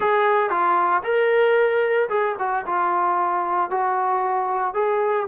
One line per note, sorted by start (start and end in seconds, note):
0.00 0.50 G#4
0.50 1.02 F4
1.03 2.09 A#4
2.09 2.35 G#4
2.39 2.65 F#4
2.66 3.70 F4
3.70 4.74 F#4
4.74 5.26 G#4